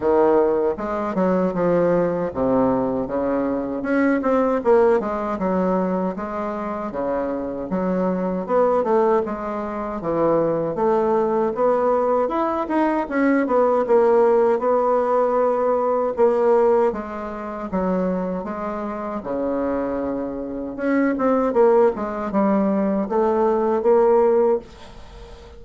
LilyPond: \new Staff \with { instrumentName = "bassoon" } { \time 4/4 \tempo 4 = 78 dis4 gis8 fis8 f4 c4 | cis4 cis'8 c'8 ais8 gis8 fis4 | gis4 cis4 fis4 b8 a8 | gis4 e4 a4 b4 |
e'8 dis'8 cis'8 b8 ais4 b4~ | b4 ais4 gis4 fis4 | gis4 cis2 cis'8 c'8 | ais8 gis8 g4 a4 ais4 | }